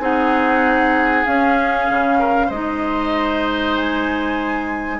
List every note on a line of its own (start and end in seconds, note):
0.00 1.25 C4
0.00 1.26 D#4
0.00 2.19 G#4
0.00 1.26 F#5
1.26 2.52 C#4
1.26 1.90 C#4
1.26 2.51 F5
1.90 2.50 C#3
2.19 2.47 A#4
2.47 5.00 G#3
2.47 4.97 C5
2.47 3.76 D#5
2.53 5.00 D#4
3.77 5.00 G#5